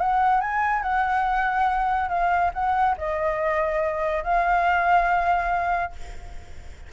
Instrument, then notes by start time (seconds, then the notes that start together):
flute
0.00 F#5
0.41 G#5
0.82 F#5
2.09 F5
2.54 F#5
2.98 D#5
4.24 F5